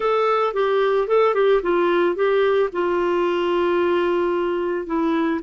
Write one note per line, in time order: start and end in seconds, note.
0.00 0.53 A4
0.53 1.07 G4
1.07 1.34 A4
1.34 1.61 G4
1.62 2.15 F4
2.15 2.69 G4
2.72 4.86 F4
4.86 5.40 E4